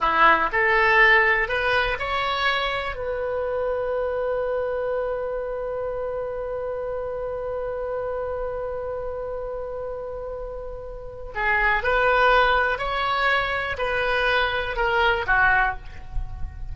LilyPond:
\new Staff \with { instrumentName = "oboe" } { \time 4/4 \tempo 4 = 122 e'4 a'2 b'4 | cis''2 b'2~ | b'1~ | b'1~ |
b'1~ | b'2. gis'4 | b'2 cis''2 | b'2 ais'4 fis'4 | }